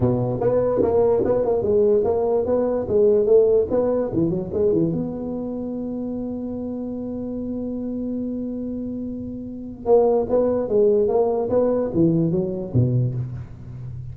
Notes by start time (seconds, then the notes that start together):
0.00 B2
0.40 B3
0.81 A#3
1.24 B3
1.45 A#3
1.62 G#3
2.04 A#3
2.45 B3
2.88 G#3
3.26 A3
3.70 B3
4.13 E3
4.29 F#3
4.53 G#3
4.72 E3
4.92 B3
9.85 A#3
10.29 B3
10.68 G#3
11.08 A#3
11.49 B3
11.93 E3
12.31 F#3
12.73 B2